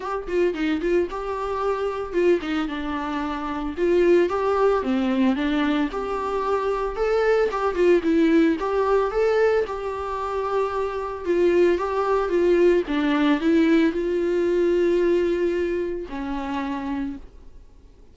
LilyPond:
\new Staff \with { instrumentName = "viola" } { \time 4/4 \tempo 4 = 112 g'8 f'8 dis'8 f'8 g'2 | f'8 dis'8 d'2 f'4 | g'4 c'4 d'4 g'4~ | g'4 a'4 g'8 f'8 e'4 |
g'4 a'4 g'2~ | g'4 f'4 g'4 f'4 | d'4 e'4 f'2~ | f'2 cis'2 | }